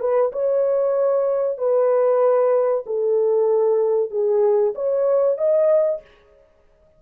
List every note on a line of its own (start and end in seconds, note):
0.00 0.32 B4
0.32 1.58 C#5
1.58 2.84 B4
2.86 4.11 A4
4.11 4.74 G#4
4.75 5.38 C#5
5.38 6.01 D#5